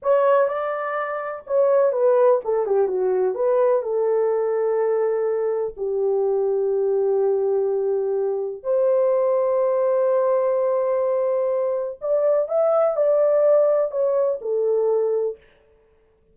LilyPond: \new Staff \with { instrumentName = "horn" } { \time 4/4 \tempo 4 = 125 cis''4 d''2 cis''4 | b'4 a'8 g'8 fis'4 b'4 | a'1 | g'1~ |
g'2 c''2~ | c''1~ | c''4 d''4 e''4 d''4~ | d''4 cis''4 a'2 | }